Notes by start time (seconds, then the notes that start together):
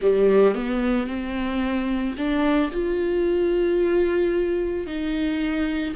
0.01 G3
0.54 B3
1.07 C4
2.17 D4
2.72 F4
4.86 D#4